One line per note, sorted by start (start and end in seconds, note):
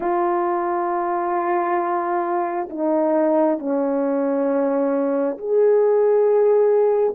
0.00 2.68 F4
2.69 3.58 D#4
3.58 5.37 C#4
5.37 7.14 G#4